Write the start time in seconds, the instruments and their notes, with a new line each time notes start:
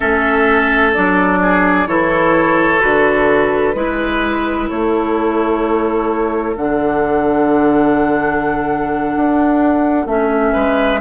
0.00 bassoon A3, clarinet C#4, oboe A4, flute E5
0.93 bassoon F#3, clarinet D4, flute D5
1.41 oboe G#4
1.86 bassoon E3, clarinet E4, oboe A4, flute C#5
2.79 bassoon D3, clarinet F#4, flute B4
3.74 bassoon G#3, clarinet E4, oboe B4
4.69 bassoon A3, oboe A4, flute C#5
6.56 bassoon D3, clarinet D4, flute F#5
9.16 bassoon D4
10.05 bassoon A3, clarinet C#4, flute E5
10.53 bassoon G#3, oboe B4